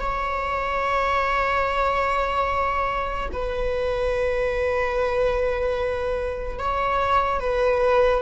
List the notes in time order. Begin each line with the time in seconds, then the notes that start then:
0.00 C#5
3.32 B4
6.59 C#5
7.40 B4